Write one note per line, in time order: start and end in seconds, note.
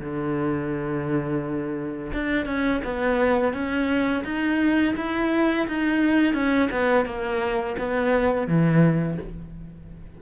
0.00 2.12 D3
2.13 2.45 D4
2.45 2.81 C#4
2.84 3.53 B3
3.53 4.24 C#4
4.24 4.94 D#4
4.96 5.67 E4
5.67 6.34 D#4
6.34 6.69 C#4
6.71 7.05 B3
7.05 7.76 A#3
7.78 8.47 B3
8.47 9.18 E3